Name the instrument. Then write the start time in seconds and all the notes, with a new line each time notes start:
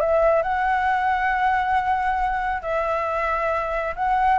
flute
0.00 E5
0.43 F#5
2.62 E5
3.96 F#5